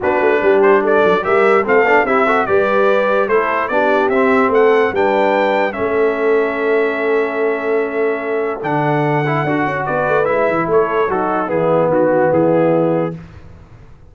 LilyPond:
<<
  \new Staff \with { instrumentName = "trumpet" } { \time 4/4 \tempo 4 = 146 b'4. c''8 d''4 e''4 | f''4 e''4 d''2 | c''4 d''4 e''4 fis''4 | g''2 e''2~ |
e''1~ | e''4 fis''2. | d''4 e''4 cis''4 a'4 | gis'4 fis'4 gis'2 | }
  \new Staff \with { instrumentName = "horn" } { \time 4/4 fis'4 g'4 a'4 ais'4 | a'4 g'8 a'8 b'2 | a'4 g'2 a'4 | b'2 a'2~ |
a'1~ | a'1 | b'2 a'4 dis'4 | e'4 fis'4 e'2 | }
  \new Staff \with { instrumentName = "trombone" } { \time 4/4 d'2. g'4 | c'8 d'8 e'8 fis'8 g'2 | e'4 d'4 c'2 | d'2 cis'2~ |
cis'1~ | cis'4 d'4. e'8 fis'4~ | fis'4 e'2 fis'4 | b1 | }
  \new Staff \with { instrumentName = "tuba" } { \time 4/4 b8 a8 g4. fis8 g4 | a8 b8 c'4 g2 | a4 b4 c'4 a4 | g2 a2~ |
a1~ | a4 d2 d'8 cis'8 | b8 a8 gis8 e8 a4 fis4 | e4 dis4 e2 | }
>>